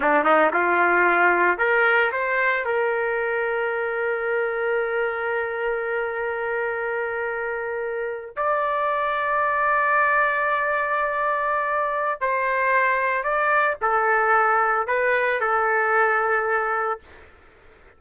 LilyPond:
\new Staff \with { instrumentName = "trumpet" } { \time 4/4 \tempo 4 = 113 d'8 dis'8 f'2 ais'4 | c''4 ais'2.~ | ais'1~ | ais'2.~ ais'8. d''16~ |
d''1~ | d''2. c''4~ | c''4 d''4 a'2 | b'4 a'2. | }